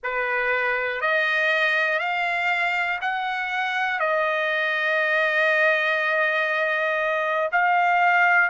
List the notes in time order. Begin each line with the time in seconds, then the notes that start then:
0.03 B4
1.00 D#5
1.99 F5
3.01 F#5
4.00 D#5
7.52 F5